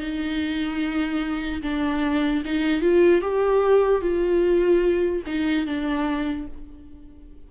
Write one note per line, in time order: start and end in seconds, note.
0.00 1.62 D#4
1.63 2.44 D4
2.45 2.82 D#4
2.82 3.22 F4
3.22 4.01 G4
4.01 5.23 F4
5.27 5.66 D#4
5.66 6.48 D4